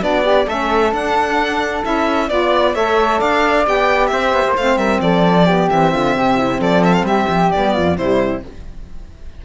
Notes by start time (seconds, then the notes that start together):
0.00 B3 D4 F#4 D5
0.23 D4 G4
0.47 A3 C#4 A4 E5
0.92 D4 F#5
1.83 C#4 E4 E5
2.27 B3 F4 D5
2.74 A3 A4 C#5 E5
3.19 D4 D5 F5
3.64 B3 G4 G5
4.07 C4 C5 E5
4.33 B3
4.45 A#3
4.57 A3 C4 F5
4.77 G3 A#4 E5
5.01 F3 A4 D5
5.45 B3 G4
5.69 E3 C4 E5
5.92 D3 F4
6.16 C3 G4
6.37 E4
6.60 F3 A4 D5
6.84 E5
6.93 F5
7.03 G3 G4 E5
7.29 F3
7.51 G3 B3 D5
7.73 F2 F4
7.97 C3 G3 E4 C5